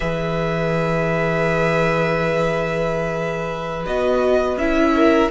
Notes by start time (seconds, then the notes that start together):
0.00 E3 G#4 B4 E5
3.85 B3 F#4 D#5
4.56 C#4 E4 E5
4.95 A#4